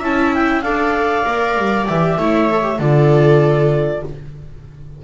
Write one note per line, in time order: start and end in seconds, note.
0.00 0.63 C#4
0.00 0.63 E4
0.00 0.62 E5
0.00 0.34 A5
0.34 0.62 G5
0.62 1.25 D4
0.62 1.24 A4
0.62 2.18 D5
0.62 1.86 F5
1.24 1.57 A#3
1.24 1.86 A#4
1.57 1.88 G3
1.89 2.18 E3
1.89 2.20 G4
1.89 2.81 E5
2.18 2.79 A3
2.18 2.51 E4
2.18 2.79 C#5
2.51 2.62 A4
2.62 2.77 G4
2.79 4.03 D3
2.79 4.04 F4
2.79 4.02 A4
2.79 4.04 D5